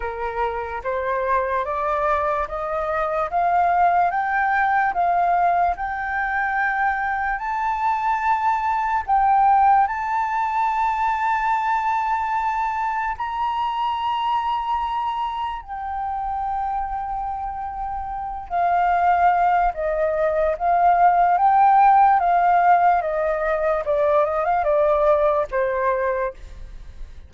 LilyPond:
\new Staff \with { instrumentName = "flute" } { \time 4/4 \tempo 4 = 73 ais'4 c''4 d''4 dis''4 | f''4 g''4 f''4 g''4~ | g''4 a''2 g''4 | a''1 |
ais''2. g''4~ | g''2~ g''8 f''4. | dis''4 f''4 g''4 f''4 | dis''4 d''8 dis''16 f''16 d''4 c''4 | }